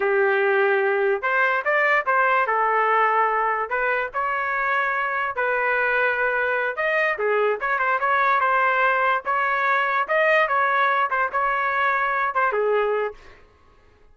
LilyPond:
\new Staff \with { instrumentName = "trumpet" } { \time 4/4 \tempo 4 = 146 g'2. c''4 | d''4 c''4 a'2~ | a'4 b'4 cis''2~ | cis''4 b'2.~ |
b'8 dis''4 gis'4 cis''8 c''8 cis''8~ | cis''8 c''2 cis''4.~ | cis''8 dis''4 cis''4. c''8 cis''8~ | cis''2 c''8 gis'4. | }